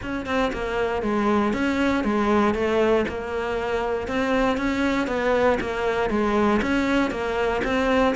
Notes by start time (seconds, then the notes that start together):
0.02 C#4
0.26 C4
0.52 A#3
1.02 G#3
1.53 C#4
2.04 G#3
2.54 A3
3.08 A#3
4.07 C4
4.57 C#4
5.07 B3
5.60 A#3
6.10 G#3
6.62 C#4
7.10 A#3
7.64 C4